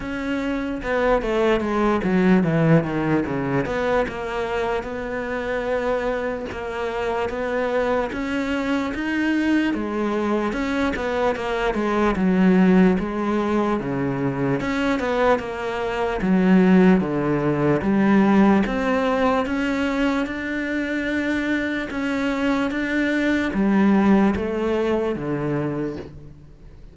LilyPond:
\new Staff \with { instrumentName = "cello" } { \time 4/4 \tempo 4 = 74 cis'4 b8 a8 gis8 fis8 e8 dis8 | cis8 b8 ais4 b2 | ais4 b4 cis'4 dis'4 | gis4 cis'8 b8 ais8 gis8 fis4 |
gis4 cis4 cis'8 b8 ais4 | fis4 d4 g4 c'4 | cis'4 d'2 cis'4 | d'4 g4 a4 d4 | }